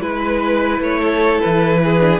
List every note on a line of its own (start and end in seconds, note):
0.00 0.80 G#3
0.00 2.01 E4
0.00 0.81 B4
0.00 1.00 B4
0.80 1.40 A3
0.80 1.41 C#5
1.00 1.80 A4
1.41 2.20 E3
1.41 2.20 B4
1.84 2.20 G#4
2.01 2.20 D4